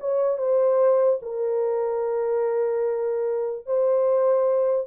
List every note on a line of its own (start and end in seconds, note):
0.00 0.38 C#5
0.38 1.20 C5
1.22 3.66 A#4
3.66 4.87 C5